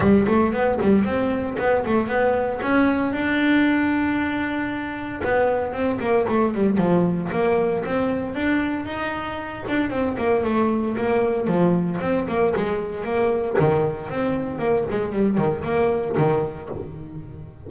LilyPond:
\new Staff \with { instrumentName = "double bass" } { \time 4/4 \tempo 4 = 115 g8 a8 b8 g8 c'4 b8 a8 | b4 cis'4 d'2~ | d'2 b4 c'8 ais8 | a8 g8 f4 ais4 c'4 |
d'4 dis'4. d'8 c'8 ais8 | a4 ais4 f4 c'8 ais8 | gis4 ais4 dis4 c'4 | ais8 gis8 g8 dis8 ais4 dis4 | }